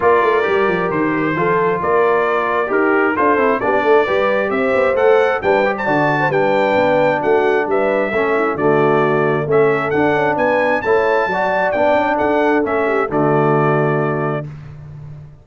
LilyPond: <<
  \new Staff \with { instrumentName = "trumpet" } { \time 4/4 \tempo 4 = 133 d''2 c''2 | d''2 ais'4 c''4 | d''2 e''4 fis''4 | g''8. a''4~ a''16 g''2 |
fis''4 e''2 d''4~ | d''4 e''4 fis''4 gis''4 | a''2 g''4 fis''4 | e''4 d''2. | }
  \new Staff \with { instrumentName = "horn" } { \time 4/4 ais'2. a'4 | ais'2 g'4 a'4 | g'8 a'8 b'4 c''2 | b'8. c''16 d''8. c''16 b'2 |
fis'4 b'4 a'8 e'8 fis'4~ | fis'4 a'2 b'4 | cis''4 d''2 a'4~ | a'8 g'8 fis'2. | }
  \new Staff \with { instrumentName = "trombone" } { \time 4/4 f'4 g'2 f'4~ | f'2 g'4 f'8 e'8 | d'4 g'2 a'4 | d'8 g'8 fis'4 d'2~ |
d'2 cis'4 a4~ | a4 cis'4 d'2 | e'4 fis'4 d'2 | cis'4 a2. | }
  \new Staff \with { instrumentName = "tuba" } { \time 4/4 ais8 a8 g8 f8 dis4 f4 | ais2 dis'4 d'8 c'8 | b8 a8 g4 c'8 b8 a4 | g4 d4 g4 b4 |
a4 g4 a4 d4~ | d4 a4 d'8 cis'8 b4 | a4 fis4 b8 cis'8 d'4 | a4 d2. | }
>>